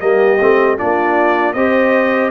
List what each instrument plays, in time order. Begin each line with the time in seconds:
0.00 tuba G3, trombone A#3, horn G4, trumpet D#5
0.40 tuba A3, trombone C4
0.77 tuba A#3, trombone D4, horn F4, trumpet D5
1.53 tuba C4, trombone G4, horn C5, trumpet D#5